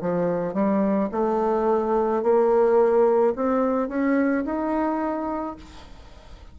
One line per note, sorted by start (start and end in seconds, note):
0.00 0.53 F3
0.53 1.09 G3
1.11 2.22 A3
2.22 3.33 A#3
3.35 3.88 C4
3.88 4.44 C#4
4.44 5.56 D#4